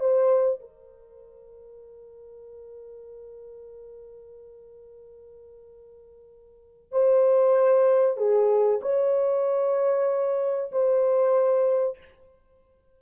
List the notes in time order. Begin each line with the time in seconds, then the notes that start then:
0.00 C5
0.61 A#4
6.92 C5
8.18 G#4
8.82 C#5
10.72 C5